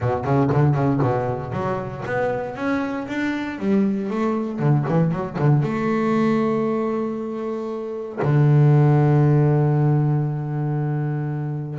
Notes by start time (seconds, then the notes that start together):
0.00 B2
0.24 C#3
0.52 D3
0.74 C#3
1.02 B2
1.52 F#3
2.06 B3
2.55 C#4
3.07 D4
3.59 G3
4.10 A3
4.59 D3
4.88 E3
5.11 F#3
5.38 D3
5.62 A3
8.22 D3